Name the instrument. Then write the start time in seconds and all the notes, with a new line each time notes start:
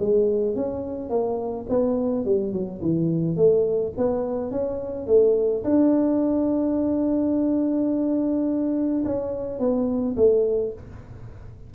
tuba
0.00 G#3
0.56 C#4
1.10 A#3
1.69 B3
2.25 G3
2.53 F#3
2.82 E3
3.37 A3
3.98 B3
4.51 C#4
5.07 A3
5.64 D4
9.05 C#4
9.59 B3
10.17 A3